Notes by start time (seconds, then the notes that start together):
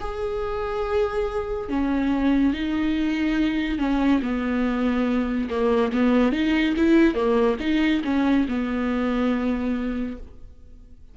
0.00 G#4
1.69 C#4
2.54 D#4
3.78 C#4
4.22 B3
5.50 A#3
5.93 B3
6.32 D#4
6.77 E4
7.14 A#3
7.60 D#4
8.04 C#4
8.48 B3